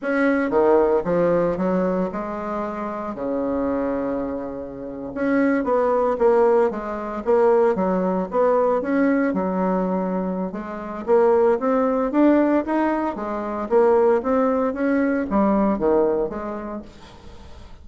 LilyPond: \new Staff \with { instrumentName = "bassoon" } { \time 4/4 \tempo 4 = 114 cis'4 dis4 f4 fis4 | gis2 cis2~ | cis4.~ cis16 cis'4 b4 ais16~ | ais8. gis4 ais4 fis4 b16~ |
b8. cis'4 fis2~ fis16 | gis4 ais4 c'4 d'4 | dis'4 gis4 ais4 c'4 | cis'4 g4 dis4 gis4 | }